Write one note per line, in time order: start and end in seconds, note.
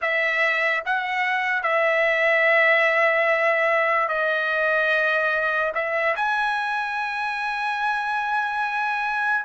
0.01 0.83 E5
0.85 1.63 F#5
1.63 4.08 E5
4.08 5.72 D#5
5.74 6.15 E5
6.16 9.44 G#5